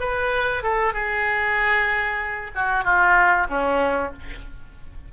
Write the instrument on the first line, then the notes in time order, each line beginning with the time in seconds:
oboe
0.00 B4
0.63 A4
0.94 G#4
2.55 F#4
2.84 F4
3.50 C#4